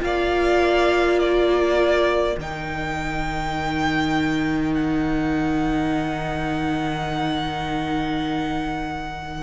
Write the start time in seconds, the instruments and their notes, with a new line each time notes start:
0.00 cello A#3, viola F4, violin D5 F5
1.19 violin A#4 D5
2.37 cello D#3, viola D#4, violin G5
4.74 violin F#5